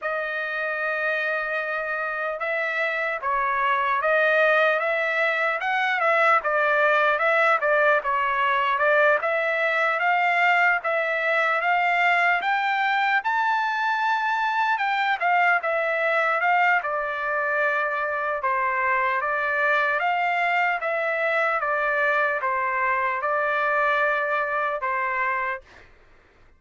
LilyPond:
\new Staff \with { instrumentName = "trumpet" } { \time 4/4 \tempo 4 = 75 dis''2. e''4 | cis''4 dis''4 e''4 fis''8 e''8 | d''4 e''8 d''8 cis''4 d''8 e''8~ | e''8 f''4 e''4 f''4 g''8~ |
g''8 a''2 g''8 f''8 e''8~ | e''8 f''8 d''2 c''4 | d''4 f''4 e''4 d''4 | c''4 d''2 c''4 | }